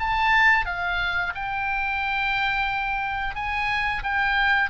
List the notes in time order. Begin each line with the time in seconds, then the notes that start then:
0.00 A5
0.66 F5
1.35 G5
3.36 G#5
4.04 G5